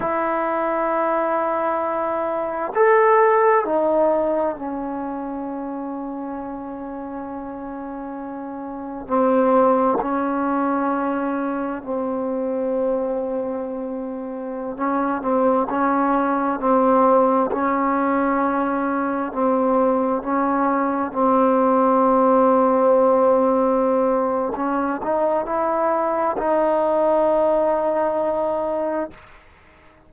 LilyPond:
\new Staff \with { instrumentName = "trombone" } { \time 4/4 \tempo 4 = 66 e'2. a'4 | dis'4 cis'2.~ | cis'2 c'4 cis'4~ | cis'4 c'2.~ |
c'16 cis'8 c'8 cis'4 c'4 cis'8.~ | cis'4~ cis'16 c'4 cis'4 c'8.~ | c'2. cis'8 dis'8 | e'4 dis'2. | }